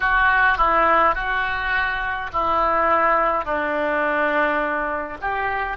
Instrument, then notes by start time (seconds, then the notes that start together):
oboe
0.00 F#4
0.57 E4
1.14 F#4
2.32 E4
3.44 D4
5.21 G4